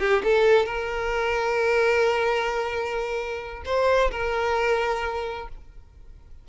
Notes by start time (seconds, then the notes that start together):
0.00 G4
0.24 A4
0.66 A#4
3.65 C5
4.11 A#4